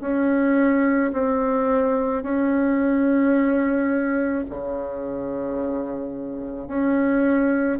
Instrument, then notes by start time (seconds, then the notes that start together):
bassoon
0.00 C#4
1.12 C4
2.22 C#4
4.49 C#3
6.67 C#4